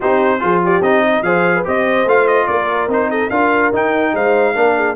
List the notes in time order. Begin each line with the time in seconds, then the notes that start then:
0.00 C4 D#4 G4 C5
0.39 F3 F4 G#4
0.63 G4 D5
0.80 C4 D#4 D#5
1.06 D#5
1.22 F3 G#4 C5 F5
1.55 B4
1.64 C4 G4 C5 D#5
2.05 A3 F4 F5
2.27 D#5
2.47 A#3 A#4 D5
2.87 C4 D#4 C5
3.10 A4 D#5
3.30 D4 F4 A#4 F5
3.72 D#4 G5
4.14 G#3 C5 F5
4.54 A#3 D4 A#4
4.75 G#4